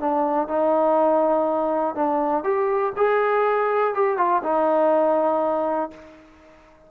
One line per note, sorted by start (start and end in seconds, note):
0.00 0.48 D4
0.48 1.95 D#4
1.95 2.44 D4
2.44 2.93 G4
2.97 3.94 G#4
3.94 4.18 G4
4.18 4.42 F4
4.43 5.91 D#4